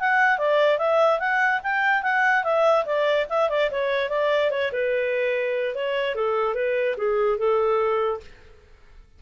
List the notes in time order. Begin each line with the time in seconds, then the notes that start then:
0.00 F#5
0.38 D5
0.78 E5
1.20 F#5
1.63 G5
2.03 F#5
2.44 E5
2.86 D5
3.30 E5
3.50 D5
3.71 C#5
4.10 D5
4.51 C#5
4.72 B4
5.75 C#5
6.15 A4
6.55 B4
6.97 G#4
7.38 A4